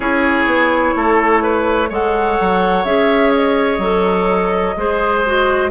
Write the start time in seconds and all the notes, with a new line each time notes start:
0.00 C#4 E4 G#4 C#5
0.45 B3
0.95 A3 A4
1.42 B4
1.89 G#3 A4 C#5 F#5
2.40 F#3
2.84 C#4 G#4 E5
3.34 D#5
3.78 F#3 A4
4.76 G#3 G#4 C5
5.25 F#4